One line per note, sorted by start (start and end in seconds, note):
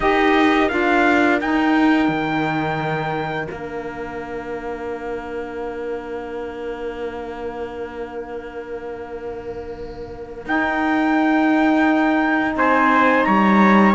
0.00 0.69 D#4
0.00 0.69 G4
0.00 12.55 A#4
0.00 0.68 D#5
0.68 1.41 D4
0.68 1.39 F4
0.68 1.38 F5
1.40 2.08 D#4
1.40 3.50 D#4
1.40 3.47 G5
2.08 3.48 D#3
3.47 10.46 A#3
3.47 10.47 D4
3.47 10.45 F5
10.46 12.55 D#4
10.46 13.95 D#4
10.46 12.57 G5
12.55 13.25 C4
12.55 13.26 C5
12.55 13.23 G#5
13.23 13.95 G3
13.23 13.95 C#5
13.23 13.93 A#5